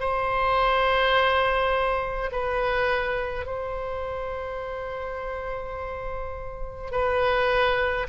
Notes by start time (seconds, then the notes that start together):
0.00 C5
2.32 B4
3.46 C5
6.92 B4